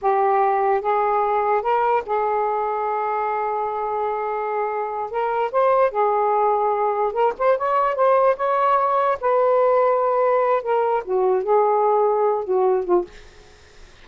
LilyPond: \new Staff \with { instrumentName = "saxophone" } { \time 4/4 \tempo 4 = 147 g'2 gis'2 | ais'4 gis'2.~ | gis'1~ | gis'8 ais'4 c''4 gis'4.~ |
gis'4. ais'8 c''8 cis''4 c''8~ | c''8 cis''2 b'4.~ | b'2 ais'4 fis'4 | gis'2~ gis'8 fis'4 f'8 | }